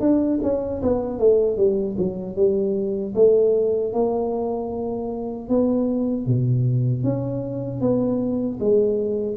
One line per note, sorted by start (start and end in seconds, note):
0.00 0.39 D4
0.43 0.81 C#4
0.82 1.19 B3
1.19 1.57 A3
1.57 1.96 G3
1.98 2.36 F#3
2.36 3.13 G3
3.15 3.93 A3
3.93 5.49 A#3
5.49 6.26 B3
6.26 7.03 B2
7.03 7.80 C#4
7.80 8.58 B3
8.60 9.36 G#3